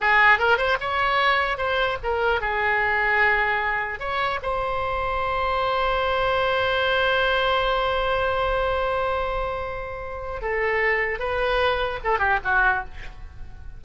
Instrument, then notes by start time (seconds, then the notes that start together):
oboe
0.00 G#4
0.39 A#4
0.57 C5
0.80 C#5
1.57 C5
2.03 A#4
2.40 G#4
3.99 C#5
4.42 C5
10.41 A4
11.19 B4
12.04 A4
12.18 G4
12.44 F#4